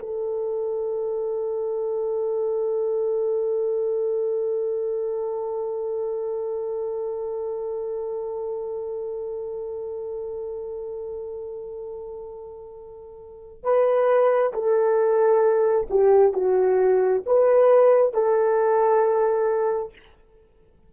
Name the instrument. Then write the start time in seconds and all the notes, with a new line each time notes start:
horn
0.00 A4
13.64 B4
14.54 A4
15.90 G4
16.34 F#4
17.26 B4
18.14 A4